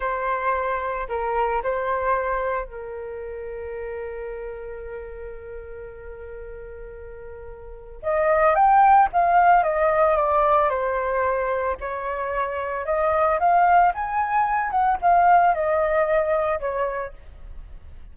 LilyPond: \new Staff \with { instrumentName = "flute" } { \time 4/4 \tempo 4 = 112 c''2 ais'4 c''4~ | c''4 ais'2.~ | ais'1~ | ais'2. dis''4 |
g''4 f''4 dis''4 d''4 | c''2 cis''2 | dis''4 f''4 gis''4. fis''8 | f''4 dis''2 cis''4 | }